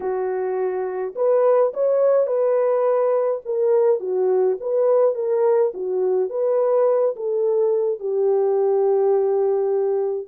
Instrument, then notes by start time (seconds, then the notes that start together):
horn
0.00 F#4
1.15 B4
1.73 C#5
2.26 B4
3.45 A#4
4.00 F#4
4.60 B4
5.14 A#4
5.74 F#4
6.29 B4
7.16 A4
7.99 G4